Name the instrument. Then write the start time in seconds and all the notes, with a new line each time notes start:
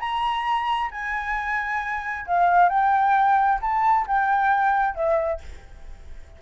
flute
0.00 A#5
0.91 G#5
2.27 F5
2.69 G5
3.62 A5
4.07 G5
4.95 E5